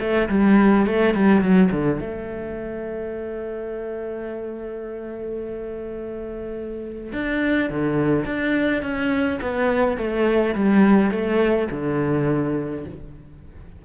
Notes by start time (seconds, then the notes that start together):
0.00 A3
0.29 G3
0.86 A3
1.14 G3
1.41 F#3
1.72 D3
2.01 A3
7.13 D4
7.70 D3
8.25 D4
8.82 C#4
9.41 B3
9.97 A3
10.55 G3
11.11 A3
11.71 D3